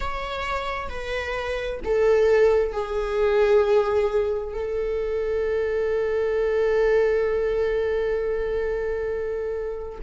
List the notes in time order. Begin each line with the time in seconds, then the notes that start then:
0.00 C#5
0.88 B4
1.84 A4
2.72 G#4
4.53 A4